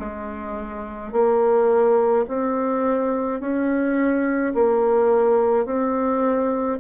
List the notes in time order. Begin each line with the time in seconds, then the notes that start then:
0.00 G#3
1.13 A#3
2.28 C4
3.41 C#4
4.55 A#3
5.66 C4